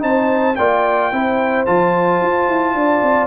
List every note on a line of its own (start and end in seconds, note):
0.00 0.57 C4
0.00 0.55 D#4
0.00 0.58 C5
0.00 0.56 A5
0.56 1.12 A#3
0.56 1.12 F4
0.56 1.12 D5
0.56 1.65 G5
1.12 1.67 C4
1.12 1.67 E4
1.12 2.77 C5
1.66 2.21 F3
1.66 3.27 F4
1.66 3.27 A5
2.21 2.49 F4
2.49 2.75 E4
2.75 3.02 D4
2.75 3.27 D5
3.03 3.27 C4